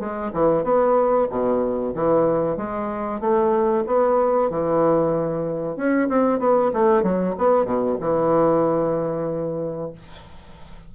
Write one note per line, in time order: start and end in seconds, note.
0.00 0.32 G#3
0.34 0.64 E3
0.64 1.28 B3
1.31 1.94 B2
1.95 2.57 E3
2.57 3.21 G#3
3.21 3.85 A3
3.87 4.51 B3
4.51 5.77 E3
5.77 6.09 C#4
6.09 6.40 C4
6.40 6.72 B3
6.74 7.03 A3
7.03 7.35 F#3
7.38 7.65 B3
7.65 7.97 B2
8.01 9.92 E3